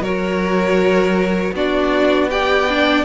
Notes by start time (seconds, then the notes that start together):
0.00 F#3 F#4 A#4 C#5
1.53 B3 D4 F#4 D5
2.30 G4 D5 G5
2.69 D4